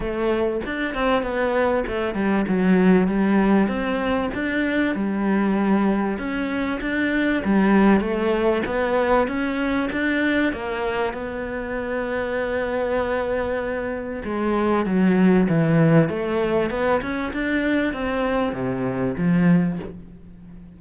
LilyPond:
\new Staff \with { instrumentName = "cello" } { \time 4/4 \tempo 4 = 97 a4 d'8 c'8 b4 a8 g8 | fis4 g4 c'4 d'4 | g2 cis'4 d'4 | g4 a4 b4 cis'4 |
d'4 ais4 b2~ | b2. gis4 | fis4 e4 a4 b8 cis'8 | d'4 c'4 c4 f4 | }